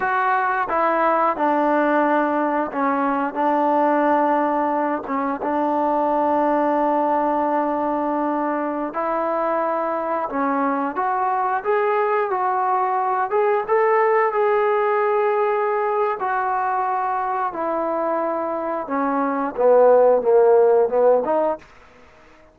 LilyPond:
\new Staff \with { instrumentName = "trombone" } { \time 4/4 \tempo 4 = 89 fis'4 e'4 d'2 | cis'4 d'2~ d'8 cis'8 | d'1~ | d'4~ d'16 e'2 cis'8.~ |
cis'16 fis'4 gis'4 fis'4. gis'16~ | gis'16 a'4 gis'2~ gis'8. | fis'2 e'2 | cis'4 b4 ais4 b8 dis'8 | }